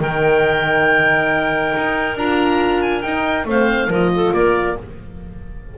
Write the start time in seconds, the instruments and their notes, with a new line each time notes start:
0.00 double bass D#3, horn D#4, clarinet A#4, oboe G5
1.77 double bass D#4
2.16 double bass D4, horn F4, oboe A#5
2.82 oboe G#5
3.02 horn D#4, double bass D#4, oboe G5
3.45 double bass A3, horn C4, clarinet C5, oboe F5
3.88 double bass F3, horn F4, clarinet A#4
3.94 oboe D#5
4.15 clarinet A4
4.33 double bass A#3, clarinet A#4, oboe D5